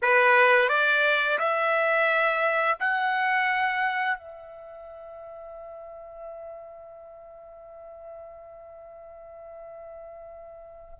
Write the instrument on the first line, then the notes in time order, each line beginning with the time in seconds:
trumpet
0.02 B4
0.68 D5
1.38 E5
2.79 F#5
4.18 E5